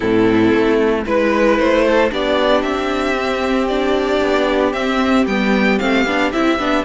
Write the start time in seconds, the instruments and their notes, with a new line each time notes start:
0.00 cello A2, viola C4, violin E4 A4
0.53 cello A3
1.05 cello G#3, viola E4, violin B4
1.58 cello A3, violin C5
1.84 violin A4
2.10 cello B3, viola D4, violin G4 D5
2.61 cello C4, violin E5
3.15 viola C4
3.67 viola D4, violin D5
4.21 cello B3
4.72 cello C4, viola C4, violin E5
5.26 cello G3, viola B3, violin G5
5.78 cello A3, viola C4, violin F5
6.05 cello B3, viola D4
6.32 cello C4, viola E4, violin E5
6.58 cello B3, viola D4